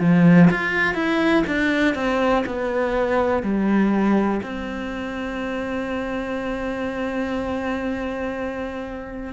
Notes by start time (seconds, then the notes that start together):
0.00 F3
0.51 F4
0.94 E4
1.47 D4
1.95 C4
2.46 B3
3.43 G3
4.43 C4